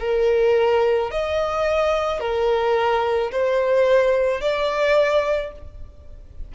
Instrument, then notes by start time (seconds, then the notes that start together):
violin
0.00 A#4
1.11 D#5
2.20 A#4
3.32 C5
4.41 D5